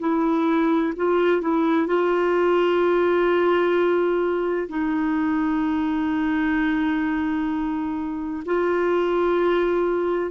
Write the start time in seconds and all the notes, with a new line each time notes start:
0.00 E4
0.96 F4
1.41 E4
1.87 F4
4.69 D#4
8.46 F4